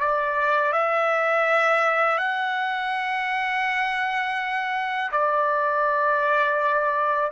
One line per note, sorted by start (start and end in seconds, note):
0.00 0.73 D5
0.73 2.18 E5
2.18 5.11 F#5
5.12 7.31 D5